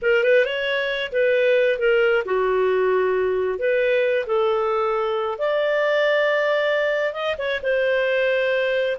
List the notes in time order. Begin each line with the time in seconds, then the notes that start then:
0.02 A#4
0.23 B4
0.44 C#5
1.12 B4
1.78 A#4
2.25 F#4
3.58 B4
4.26 A4
5.38 D5
7.13 D#5
7.38 C#5
7.62 C5